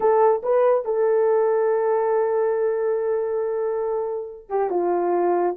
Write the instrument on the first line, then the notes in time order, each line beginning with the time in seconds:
horn
0.00 A4
0.42 B4
0.85 A4
4.49 G4
4.70 F4